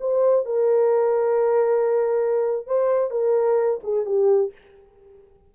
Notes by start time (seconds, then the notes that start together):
0.00 C5
0.45 A#4
2.66 C5
3.10 A#4
3.83 G#4
4.05 G4